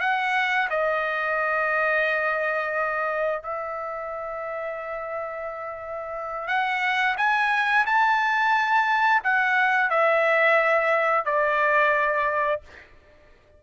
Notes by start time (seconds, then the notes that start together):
0.00 F#5
0.70 D#5
3.43 E5
6.47 F#5
7.17 G#5
7.86 A5
9.23 F#5
9.90 E5
11.25 D5